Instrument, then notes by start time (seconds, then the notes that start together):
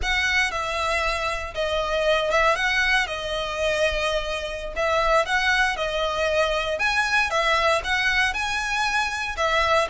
violin
0.02 F#5
0.51 E5
1.54 D#5
2.31 E5
2.55 F#5
3.07 D#5
4.76 E5
5.25 F#5
5.76 D#5
6.79 G#5
7.30 E5
7.83 F#5
8.33 G#5
9.36 E5